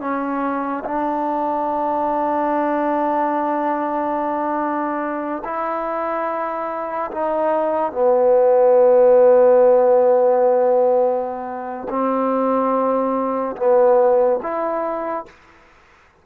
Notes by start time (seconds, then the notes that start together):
0.00 C#4
0.84 D4
5.44 E4
7.11 D#4
7.92 B3
11.89 C4
13.56 B3
14.42 E4